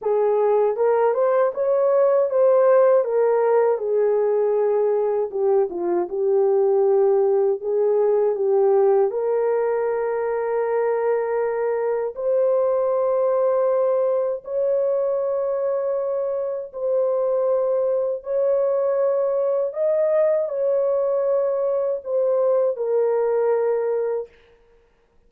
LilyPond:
\new Staff \with { instrumentName = "horn" } { \time 4/4 \tempo 4 = 79 gis'4 ais'8 c''8 cis''4 c''4 | ais'4 gis'2 g'8 f'8 | g'2 gis'4 g'4 | ais'1 |
c''2. cis''4~ | cis''2 c''2 | cis''2 dis''4 cis''4~ | cis''4 c''4 ais'2 | }